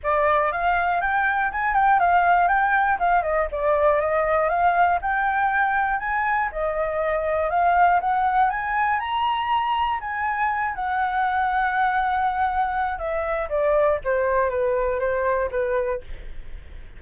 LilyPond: \new Staff \with { instrumentName = "flute" } { \time 4/4 \tempo 4 = 120 d''4 f''4 g''4 gis''8 g''8 | f''4 g''4 f''8 dis''8 d''4 | dis''4 f''4 g''2 | gis''4 dis''2 f''4 |
fis''4 gis''4 ais''2 | gis''4. fis''2~ fis''8~ | fis''2 e''4 d''4 | c''4 b'4 c''4 b'4 | }